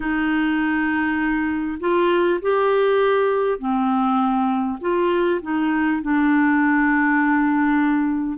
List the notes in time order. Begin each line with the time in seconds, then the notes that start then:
0.00 D#4
1.79 F4
2.41 G4
3.58 C4
4.81 F4
5.42 D#4
6.02 D4